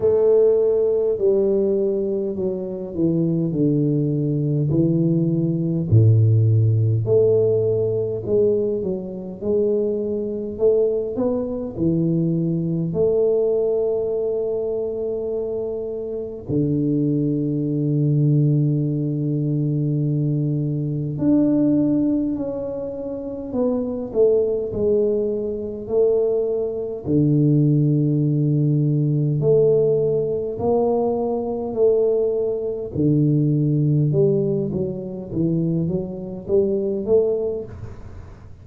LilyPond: \new Staff \with { instrumentName = "tuba" } { \time 4/4 \tempo 4 = 51 a4 g4 fis8 e8 d4 | e4 a,4 a4 gis8 fis8 | gis4 a8 b8 e4 a4~ | a2 d2~ |
d2 d'4 cis'4 | b8 a8 gis4 a4 d4~ | d4 a4 ais4 a4 | d4 g8 fis8 e8 fis8 g8 a8 | }